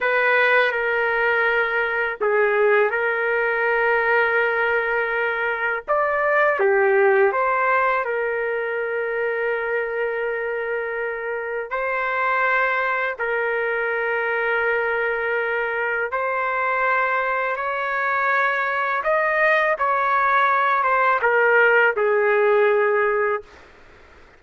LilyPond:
\new Staff \with { instrumentName = "trumpet" } { \time 4/4 \tempo 4 = 82 b'4 ais'2 gis'4 | ais'1 | d''4 g'4 c''4 ais'4~ | ais'1 |
c''2 ais'2~ | ais'2 c''2 | cis''2 dis''4 cis''4~ | cis''8 c''8 ais'4 gis'2 | }